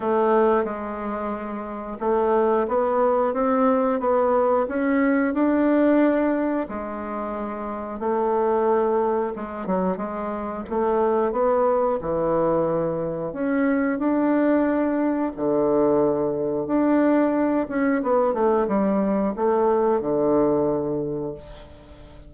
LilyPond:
\new Staff \with { instrumentName = "bassoon" } { \time 4/4 \tempo 4 = 90 a4 gis2 a4 | b4 c'4 b4 cis'4 | d'2 gis2 | a2 gis8 fis8 gis4 |
a4 b4 e2 | cis'4 d'2 d4~ | d4 d'4. cis'8 b8 a8 | g4 a4 d2 | }